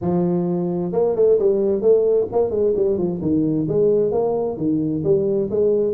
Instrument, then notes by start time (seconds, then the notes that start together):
tuba
0.01 F3
0.92 A#3
1.15 A3
1.38 G3
1.81 A3
2.32 A#3
2.50 G#3
2.76 G3
2.98 F3
3.21 D#3
3.68 G#3
4.11 A#3
4.57 D#3
5.03 G3
5.50 G#3